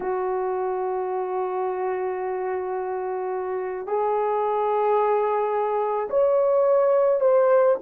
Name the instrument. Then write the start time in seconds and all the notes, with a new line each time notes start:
horn
0.00 F#4
3.86 G#4
6.10 C#5
7.20 C5